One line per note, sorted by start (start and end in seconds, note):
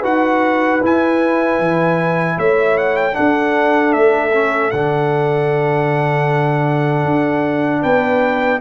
0.00 0.82 D#4
0.00 0.81 F#4
0.00 2.34 B4
0.00 0.83 F#5
0.83 3.13 E4
0.83 1.59 E4
0.83 2.39 G#5
1.59 2.37 E3
2.38 3.16 A3
2.38 3.16 C#5
2.38 2.78 E5
2.78 2.97 F#5
2.97 3.15 G5
3.13 4.30 D4
3.13 3.95 D4
3.13 7.82 A4
3.13 3.93 F#5
3.93 4.73 A3
3.93 4.71 E5
4.33 4.72 C#4
4.71 7.05 D3
4.71 8.61 D4
4.71 7.83 F#5
7.05 7.83 D4
7.82 8.61 B3
7.82 8.60 B4
7.82 8.61 G5